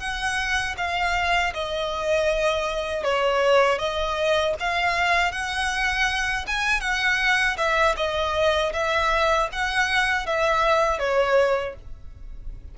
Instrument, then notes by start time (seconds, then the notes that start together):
violin
0.00 F#5
0.78 F5
1.54 D#5
3.04 C#5
3.79 D#5
4.60 F5
5.32 F#5
6.48 G#5
6.81 F#5
7.58 E5
7.97 D#5
8.73 E5
9.53 F#5
10.27 E5
11.00 C#5